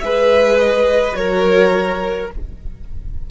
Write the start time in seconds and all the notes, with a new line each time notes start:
0.00 G#3 G#4 B4 E5
0.59 D#5
1.12 F#3 F#4 A#4 C#5